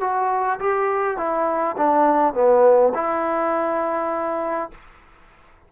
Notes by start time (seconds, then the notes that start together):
0.00 F#4
0.59 G4
1.17 E4
1.77 D4
2.33 B3
2.94 E4